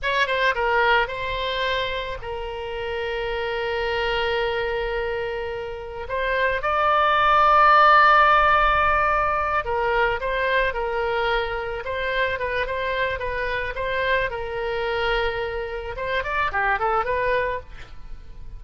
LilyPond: \new Staff \with { instrumentName = "oboe" } { \time 4/4 \tempo 4 = 109 cis''8 c''8 ais'4 c''2 | ais'1~ | ais'2. c''4 | d''1~ |
d''4. ais'4 c''4 ais'8~ | ais'4. c''4 b'8 c''4 | b'4 c''4 ais'2~ | ais'4 c''8 d''8 g'8 a'8 b'4 | }